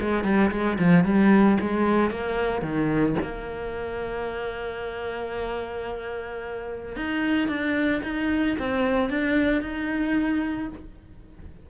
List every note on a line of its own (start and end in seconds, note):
0.00 0.23 G#3
0.23 0.50 G3
0.50 0.77 G#3
0.78 1.04 F3
1.04 1.57 G3
1.60 2.10 G#3
2.10 2.62 A#3
2.62 3.15 D#3
3.22 6.96 A#3
6.96 7.48 D#4
7.48 8.01 D4
8.03 8.56 D#4
8.58 9.09 C4
9.09 9.61 D4
9.61 10.68 D#4